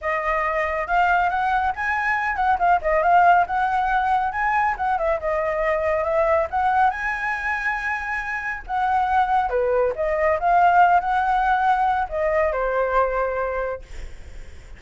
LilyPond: \new Staff \with { instrumentName = "flute" } { \time 4/4 \tempo 4 = 139 dis''2 f''4 fis''4 | gis''4. fis''8 f''8 dis''8 f''4 | fis''2 gis''4 fis''8 e''8 | dis''2 e''4 fis''4 |
gis''1 | fis''2 b'4 dis''4 | f''4. fis''2~ fis''8 | dis''4 c''2. | }